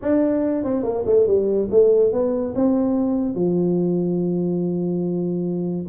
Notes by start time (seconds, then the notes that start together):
0.01 D4
0.64 C4
0.83 A#3
1.06 A3
1.26 G3
1.71 A3
2.12 B3
2.55 C4
3.35 F3